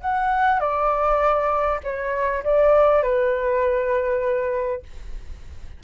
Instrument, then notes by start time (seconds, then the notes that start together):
flute
0.00 F#5
0.59 D5
1.83 C#5
2.44 D5
3.02 B4